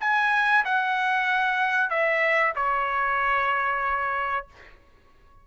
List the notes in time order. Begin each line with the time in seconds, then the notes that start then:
0.00 G#5
0.64 F#5
1.89 E5
2.55 C#5